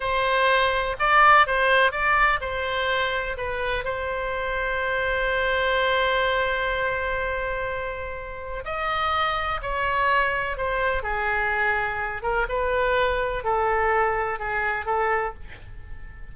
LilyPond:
\new Staff \with { instrumentName = "oboe" } { \time 4/4 \tempo 4 = 125 c''2 d''4 c''4 | d''4 c''2 b'4 | c''1~ | c''1~ |
c''2 dis''2 | cis''2 c''4 gis'4~ | gis'4. ais'8 b'2 | a'2 gis'4 a'4 | }